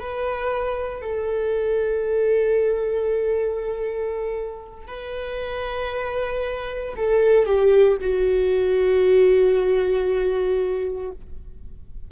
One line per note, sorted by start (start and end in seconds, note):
0.00 1.02 B4
1.02 4.88 A4
4.88 6.95 B4
6.96 7.46 A4
7.46 7.97 G4
8.01 11.11 F#4